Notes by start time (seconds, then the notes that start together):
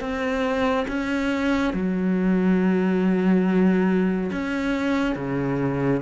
0.00 C4
0.88 C#4
1.73 F#3
4.32 C#4
5.15 C#3